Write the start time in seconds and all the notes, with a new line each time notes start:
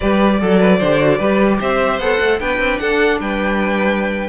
0.00 G3 G4 B4 D5
0.41 F#3 A4
0.60 B4
0.78 D3 G4 C5
0.99 F#4
1.17 G3 G4 B4
1.60 C4 C5 E5
1.98 B3 A4 F#5
2.19 A3
2.39 B3 D4 B4 G5
2.58 C4
2.79 D4 A4 F#5
3.20 G3 B4 G5